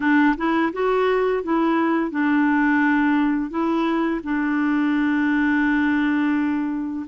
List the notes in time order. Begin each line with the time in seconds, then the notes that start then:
0.00 D4
0.37 E4
0.73 F#4
1.43 E4
2.10 D4
3.50 E4
4.24 D4